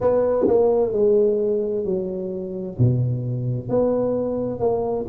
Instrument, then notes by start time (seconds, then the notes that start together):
tuba
0.00 B3
0.47 A#3
0.92 G#3
1.85 F#3
2.78 B2
3.68 B3
4.59 A#3